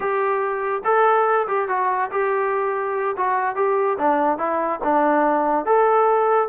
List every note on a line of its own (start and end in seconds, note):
0.00 0.82 G4
0.84 1.47 A4
1.47 1.68 G4
1.68 2.10 F#4
2.11 3.16 G4
3.16 3.55 F#4
3.55 3.97 G4
3.98 4.38 D4
4.38 4.79 E4
4.83 5.65 D4
5.65 6.48 A4